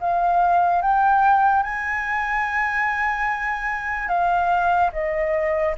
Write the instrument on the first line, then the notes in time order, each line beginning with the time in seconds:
flute
0.00 F5
0.81 G5
1.63 G#5
4.08 F5
4.92 D#5